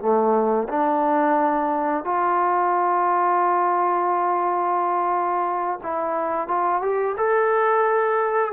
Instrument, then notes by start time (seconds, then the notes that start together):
trombone
0.00 A3
0.69 D4
2.05 F4
5.83 E4
6.48 F4
6.82 G4
7.17 A4